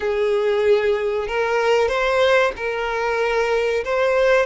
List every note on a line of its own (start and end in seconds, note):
0.00 1.27 G#4
1.27 1.88 A#4
1.88 2.52 C5
2.56 3.84 A#4
3.84 4.46 C5